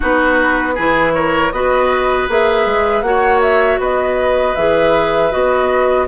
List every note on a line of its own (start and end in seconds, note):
0.00 0.78 B3
0.00 0.74 D#4
0.00 0.74 F#4
0.00 1.14 B4
0.74 1.52 E3
0.74 1.53 E4
0.74 1.12 G#4
1.14 1.53 A#4
1.14 1.52 C#5
1.52 2.28 B3
1.52 2.28 F#4
1.52 3.05 B4
1.52 2.28 D#5
2.28 2.66 A#3
2.28 3.04 G#4
2.28 3.01 E5
2.66 3.02 G#3
3.01 3.78 A#3
3.01 4.56 F#4
3.01 3.79 C#5
3.01 3.39 F#5
3.41 3.79 E5
3.78 4.54 B3
3.78 6.07 B4
3.78 4.55 D#5
4.55 5.32 E3
4.55 5.31 G#4
4.55 5.31 E5
5.31 6.07 B3
5.31 6.07 F#4
5.31 6.07 D#5